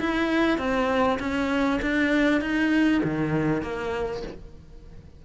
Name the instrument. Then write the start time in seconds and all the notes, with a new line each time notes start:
cello
0.00 E4
0.58 C4
1.20 C#4
1.82 D4
2.41 D#4
3.04 D#3
3.63 A#3